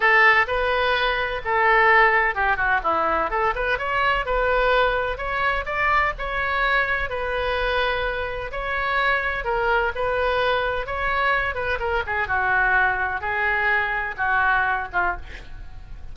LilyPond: \new Staff \with { instrumentName = "oboe" } { \time 4/4 \tempo 4 = 127 a'4 b'2 a'4~ | a'4 g'8 fis'8 e'4 a'8 b'8 | cis''4 b'2 cis''4 | d''4 cis''2 b'4~ |
b'2 cis''2 | ais'4 b'2 cis''4~ | cis''8 b'8 ais'8 gis'8 fis'2 | gis'2 fis'4. f'8 | }